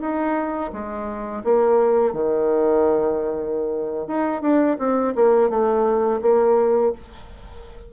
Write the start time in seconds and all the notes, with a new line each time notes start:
0.00 D#4
0.73 G#3
1.43 A#3
2.12 D#3
4.07 D#4
4.41 D4
4.78 C4
5.15 A#3
5.49 A3
6.21 A#3